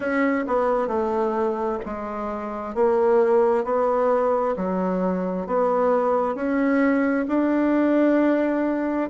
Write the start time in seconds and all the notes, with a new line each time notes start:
0.00 C#4
0.47 B3
0.87 A3
1.85 G#3
2.74 A#3
3.64 B3
4.56 F#3
5.47 B3
6.35 C#4
7.28 D4